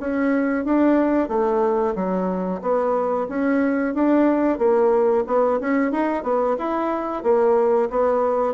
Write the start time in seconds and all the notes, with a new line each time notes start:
0.00 C#4
0.65 D4
1.28 A3
1.95 F#3
2.61 B3
3.29 C#4
3.94 D4
4.58 A#3
5.27 B3
5.60 C#4
5.92 D#4
6.23 B3
6.58 E4
7.23 A#3
7.90 B3